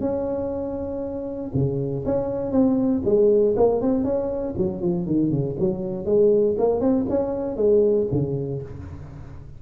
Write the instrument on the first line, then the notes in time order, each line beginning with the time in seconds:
tuba
0.00 C#4
1.54 C#3
2.05 C#4
2.51 C4
3.05 G#3
3.56 A#3
3.81 C4
4.04 C#4
4.57 F#3
4.82 F3
5.06 D#3
5.31 C#3
5.59 F#3
6.05 G#3
6.58 A#3
6.80 C4
7.09 C#4
7.57 G#3
8.12 C#3